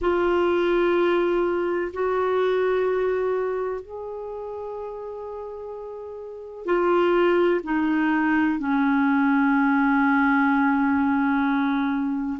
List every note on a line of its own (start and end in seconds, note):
0.01 1.91 F4
1.93 3.81 F#4
3.81 6.65 G#4
6.65 7.60 F4
7.63 8.58 D#4
8.58 12.39 C#4